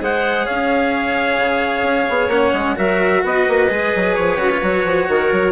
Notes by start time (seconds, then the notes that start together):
0.00 G#3 G#4 C5 F#5
0.45 C#4 C#5 F5
1.38 C#3
1.83 C#4
2.09 B3
2.28 A#3 C#4 F#5
2.53 G#3
2.76 F#3 F#4 A#4 E5
3.24 B3 B4 D#5
3.48 A#3
3.70 G#3 G#4
3.96 F#3
4.15 F3 C#5
4.37 C#3 F#4
4.51 F4
4.61 F#3 F#4
4.84 F3
5.08 D#3 A#4
5.32 F#3